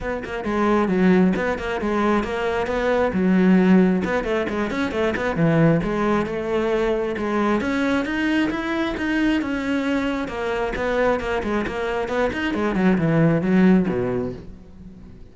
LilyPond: \new Staff \with { instrumentName = "cello" } { \time 4/4 \tempo 4 = 134 b8 ais8 gis4 fis4 b8 ais8 | gis4 ais4 b4 fis4~ | fis4 b8 a8 gis8 cis'8 a8 b8 | e4 gis4 a2 |
gis4 cis'4 dis'4 e'4 | dis'4 cis'2 ais4 | b4 ais8 gis8 ais4 b8 dis'8 | gis8 fis8 e4 fis4 b,4 | }